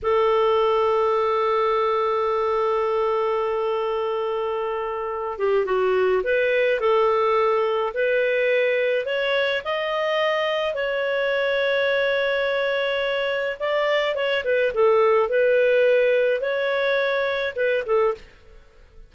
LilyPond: \new Staff \with { instrumentName = "clarinet" } { \time 4/4 \tempo 4 = 106 a'1~ | a'1~ | a'4. g'8 fis'4 b'4 | a'2 b'2 |
cis''4 dis''2 cis''4~ | cis''1 | d''4 cis''8 b'8 a'4 b'4~ | b'4 cis''2 b'8 a'8 | }